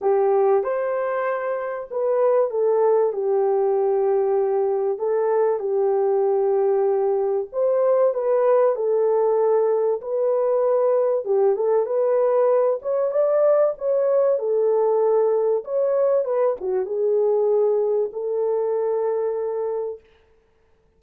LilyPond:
\new Staff \with { instrumentName = "horn" } { \time 4/4 \tempo 4 = 96 g'4 c''2 b'4 | a'4 g'2. | a'4 g'2. | c''4 b'4 a'2 |
b'2 g'8 a'8 b'4~ | b'8 cis''8 d''4 cis''4 a'4~ | a'4 cis''4 b'8 fis'8 gis'4~ | gis'4 a'2. | }